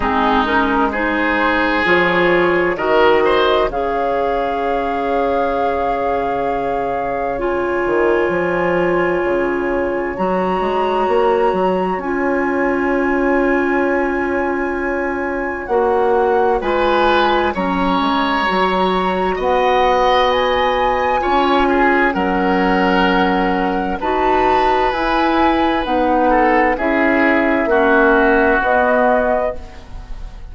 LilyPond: <<
  \new Staff \with { instrumentName = "flute" } { \time 4/4 \tempo 4 = 65 gis'8 ais'8 c''4 cis''4 dis''4 | f''1 | gis''2. ais''4~ | ais''4 gis''2.~ |
gis''4 fis''4 gis''4 ais''4~ | ais''4 fis''4 gis''2 | fis''2 a''4 gis''4 | fis''4 e''2 dis''4 | }
  \new Staff \with { instrumentName = "oboe" } { \time 4/4 dis'4 gis'2 ais'8 c''8 | cis''1~ | cis''1~ | cis''1~ |
cis''2 b'4 cis''4~ | cis''4 dis''2 cis''8 gis'8 | ais'2 b'2~ | b'8 a'8 gis'4 fis'2 | }
  \new Staff \with { instrumentName = "clarinet" } { \time 4/4 c'8 cis'8 dis'4 f'4 fis'4 | gis'1 | f'2. fis'4~ | fis'4 f'2.~ |
f'4 fis'4 f'4 cis'4 | fis'2. f'4 | cis'2 fis'4 e'4 | dis'4 e'4 cis'4 b4 | }
  \new Staff \with { instrumentName = "bassoon" } { \time 4/4 gis2 f4 dis4 | cis1~ | cis8 dis8 f4 cis4 fis8 gis8 | ais8 fis8 cis'2.~ |
cis'4 ais4 gis4 fis8 gis8 | fis4 b2 cis'4 | fis2 dis'4 e'4 | b4 cis'4 ais4 b4 | }
>>